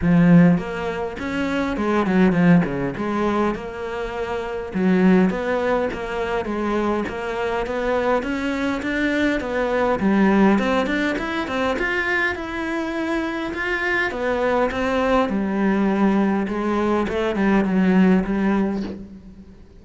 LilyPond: \new Staff \with { instrumentName = "cello" } { \time 4/4 \tempo 4 = 102 f4 ais4 cis'4 gis8 fis8 | f8 cis8 gis4 ais2 | fis4 b4 ais4 gis4 | ais4 b4 cis'4 d'4 |
b4 g4 c'8 d'8 e'8 c'8 | f'4 e'2 f'4 | b4 c'4 g2 | gis4 a8 g8 fis4 g4 | }